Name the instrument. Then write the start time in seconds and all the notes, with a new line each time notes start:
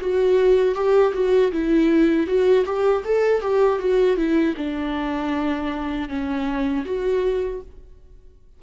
viola
0.00 F#4
0.75 G4
1.13 F#4
1.52 E4
2.27 F#4
2.65 G4
3.04 A4
3.41 G4
3.79 F#4
4.17 E4
4.56 D4
6.08 C#4
6.85 F#4